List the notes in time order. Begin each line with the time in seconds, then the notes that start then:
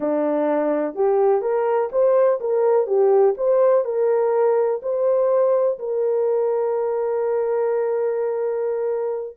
0.00 D4
0.94 G4
1.41 A#4
1.91 C5
2.40 A#4
2.86 G4
3.37 C5
3.84 A#4
4.82 C5
5.78 A#4